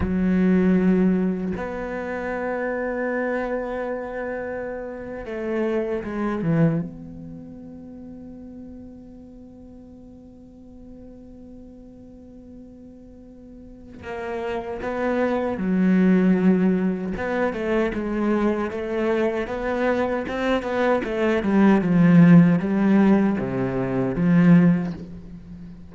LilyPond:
\new Staff \with { instrumentName = "cello" } { \time 4/4 \tempo 4 = 77 fis2 b2~ | b2~ b8. a4 gis16~ | gis16 e8 b2.~ b16~ | b1~ |
b2 ais4 b4 | fis2 b8 a8 gis4 | a4 b4 c'8 b8 a8 g8 | f4 g4 c4 f4 | }